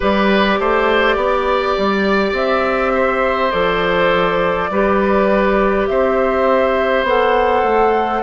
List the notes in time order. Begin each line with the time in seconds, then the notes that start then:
0.00 G3 G4 B4 D5
0.59 A3 C5
1.15 B3 D5
1.77 G3
2.32 C4 E5
2.94 C5
3.51 F3 A4 D5
4.70 G3 G4 B4
5.87 C4 C5 E5
7.03 B3 A4 F#5
7.63 A3